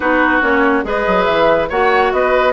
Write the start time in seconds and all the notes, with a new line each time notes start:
0.00 B3 D#4 F#4 B4
0.41 A#3 C#4 C#5
0.83 G#3 G#4 B4 D#5
1.06 F#3
1.24 E3 E5
1.69 A#3 F#4 C#5 F#5
2.12 B3 B4 D#5